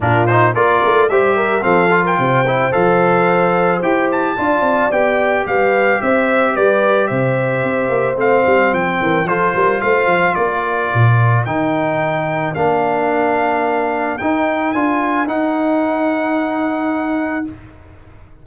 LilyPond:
<<
  \new Staff \with { instrumentName = "trumpet" } { \time 4/4 \tempo 4 = 110 ais'8 c''8 d''4 e''4 f''8. g''16~ | g''4 f''2 g''8 a''8~ | a''4 g''4 f''4 e''4 | d''4 e''2 f''4 |
g''4 c''4 f''4 d''4~ | d''4 g''2 f''4~ | f''2 g''4 gis''4 | fis''1 | }
  \new Staff \with { instrumentName = "horn" } { \time 4/4 f'4 ais'4 c''8 ais'8 a'8. ais'16 | c''1 | d''2 b'4 c''4 | b'4 c''2.~ |
c''8 ais'8 a'8 ais'8 c''4 ais'4~ | ais'1~ | ais'1~ | ais'1 | }
  \new Staff \with { instrumentName = "trombone" } { \time 4/4 d'8 dis'8 f'4 g'4 c'8 f'8~ | f'8 e'8 a'2 g'4 | f'4 g'2.~ | g'2. c'4~ |
c'4 f'2.~ | f'4 dis'2 d'4~ | d'2 dis'4 f'4 | dis'1 | }
  \new Staff \with { instrumentName = "tuba" } { \time 4/4 ais,4 ais8 a8 g4 f4 | c4 f2 e'4 | d'8 c'8 b4 g4 c'4 | g4 c4 c'8 ais8 a8 g8 |
f8 e8 f8 g8 a8 f8 ais4 | ais,4 dis2 ais4~ | ais2 dis'4 d'4 | dis'1 | }
>>